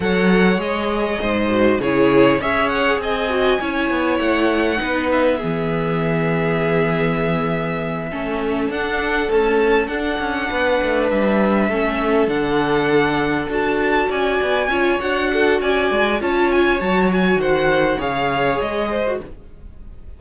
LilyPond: <<
  \new Staff \with { instrumentName = "violin" } { \time 4/4 \tempo 4 = 100 fis''4 dis''2 cis''4 | e''8 fis''8 gis''2 fis''4~ | fis''8 e''2.~ e''8~ | e''2~ e''8 fis''4 a''8~ |
a''8 fis''2 e''4.~ | e''8 fis''2 a''4 gis''8~ | gis''4 fis''4 gis''4 a''8 gis''8 | a''8 gis''8 fis''4 f''4 dis''4 | }
  \new Staff \with { instrumentName = "violin" } { \time 4/4 cis''2 c''4 gis'4 | cis''4 dis''4 cis''2 | b'4 gis'2.~ | gis'4. a'2~ a'8~ |
a'4. b'2 a'8~ | a'2.~ a'8 d''8~ | d''8 cis''4 a'8 d''4 cis''4~ | cis''4 c''4 cis''4. c''8 | }
  \new Staff \with { instrumentName = "viola" } { \time 4/4 a'4 gis'4. fis'8 e'4 | gis'4. fis'8 e'2 | dis'4 b2.~ | b4. cis'4 d'4 a8~ |
a8 d'2. cis'8~ | cis'8 d'2 fis'4.~ | fis'8 f'8 fis'2 f'4 | fis'2 gis'4.~ gis'16 fis'16 | }
  \new Staff \with { instrumentName = "cello" } { \time 4/4 fis4 gis4 gis,4 cis4 | cis'4 c'4 cis'8 b8 a4 | b4 e2.~ | e4. a4 d'4 cis'8~ |
cis'8 d'8 cis'8 b8 a8 g4 a8~ | a8 d2 d'4 cis'8 | b8 cis'8 d'4 cis'8 gis8 cis'4 | fis4 dis4 cis4 gis4 | }
>>